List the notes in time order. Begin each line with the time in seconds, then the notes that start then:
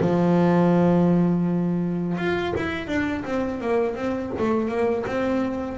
0.00 F3
2.17 F4
2.55 E4
2.87 D4
3.24 C4
3.60 A#3
3.95 C4
4.38 A3
4.68 A#3
5.06 C4